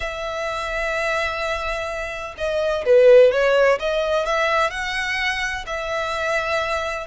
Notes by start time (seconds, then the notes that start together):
0.00 E5
2.37 D#5
2.85 B4
3.31 C#5
3.79 D#5
4.25 E5
4.70 F#5
5.66 E5